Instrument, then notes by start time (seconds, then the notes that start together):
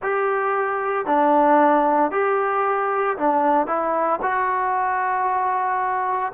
trombone
0.02 G4
1.05 D4
2.11 G4
3.17 D4
3.67 E4
4.22 F#4